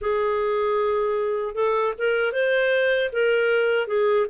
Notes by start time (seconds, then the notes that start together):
0.01 G#4
1.54 A4
1.98 A#4
2.32 C5
3.12 A#4
3.87 G#4